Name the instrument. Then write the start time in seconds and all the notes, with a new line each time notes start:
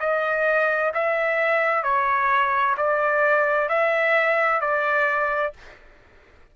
trumpet
0.00 D#5
0.94 E5
1.83 C#5
2.77 D5
3.69 E5
4.61 D5